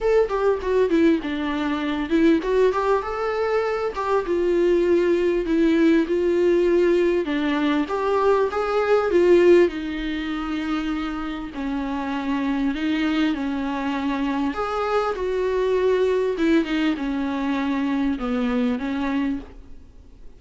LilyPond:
\new Staff \with { instrumentName = "viola" } { \time 4/4 \tempo 4 = 99 a'8 g'8 fis'8 e'8 d'4. e'8 | fis'8 g'8 a'4. g'8 f'4~ | f'4 e'4 f'2 | d'4 g'4 gis'4 f'4 |
dis'2. cis'4~ | cis'4 dis'4 cis'2 | gis'4 fis'2 e'8 dis'8 | cis'2 b4 cis'4 | }